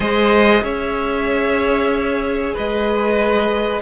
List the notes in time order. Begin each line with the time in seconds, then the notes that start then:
0.00 G#3 G#4 C5 D#5
0.62 C#4 C#5 E5
2.53 G#3 B4 D#5